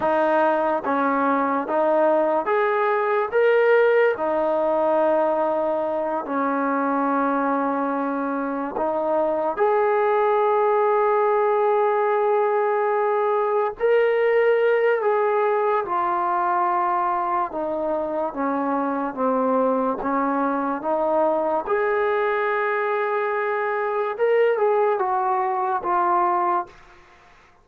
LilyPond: \new Staff \with { instrumentName = "trombone" } { \time 4/4 \tempo 4 = 72 dis'4 cis'4 dis'4 gis'4 | ais'4 dis'2~ dis'8 cis'8~ | cis'2~ cis'8 dis'4 gis'8~ | gis'1~ |
gis'8 ais'4. gis'4 f'4~ | f'4 dis'4 cis'4 c'4 | cis'4 dis'4 gis'2~ | gis'4 ais'8 gis'8 fis'4 f'4 | }